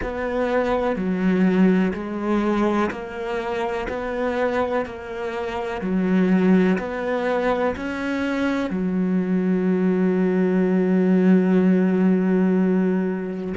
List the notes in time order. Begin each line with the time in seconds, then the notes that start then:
0.02 B3
0.96 F#3
1.94 G#3
2.90 A#3
3.88 B3
4.85 A#3
5.81 F#3
6.78 B3
7.76 C#4
8.70 F#3